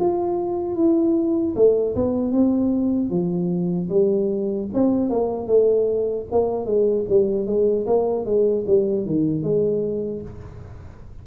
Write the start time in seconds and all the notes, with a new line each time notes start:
0.00 F4
0.76 E4
1.56 A3
1.96 B3
2.32 C4
3.10 F3
3.90 G3
4.74 C4
5.10 A#3
5.47 A3
6.32 A#3
6.66 G#3
7.09 G3
7.47 G#3
7.87 A#3
8.26 G#3
8.67 G3
9.06 D#3
9.43 G#3